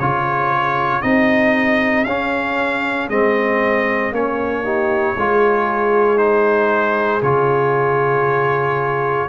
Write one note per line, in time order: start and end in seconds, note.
0.00 1.04 C#3
0.00 1.03 F4
0.00 4.64 G#4
0.00 1.02 C#5
1.02 2.06 C4
1.02 2.06 D#4
1.02 2.05 D#5
2.05 3.09 C#4
2.05 3.11 C#4
2.05 3.08 F5
3.09 4.12 G#3
3.09 4.13 C4
3.09 4.13 D#5
4.12 5.16 A#3
4.12 4.65 C#4
4.12 6.18 C#5
4.64 5.17 D#4
4.64 5.16 G4
5.16 7.22 G#3
5.16 6.18 F4
5.16 9.29 G#4
6.18 7.21 D#4
6.18 7.22 C5
7.22 9.29 C#3
7.22 9.29 F4
7.22 9.29 C#5